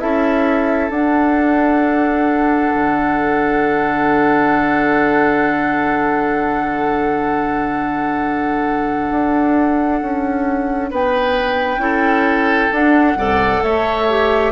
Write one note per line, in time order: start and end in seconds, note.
0.00 0.90 C#4
0.00 0.91 E4
0.00 10.91 A4
0.00 0.91 E5
0.90 2.72 D4
0.90 11.79 D4
0.90 10.91 F#5
2.75 9.11 D3
9.11 10.02 D4
10.02 10.92 C#4
10.91 11.78 B3
10.91 11.82 B4
10.91 12.75 G5
11.78 12.69 C#4
11.78 12.70 E4
11.78 13.19 A4
12.73 13.16 D4
12.73 13.19 D4
12.73 13.64 F#5
13.16 13.61 C2
13.16 14.09 A4
13.16 13.64 D5
13.64 14.53 A3
13.64 14.53 C#5
13.64 14.53 E5
14.10 14.53 G4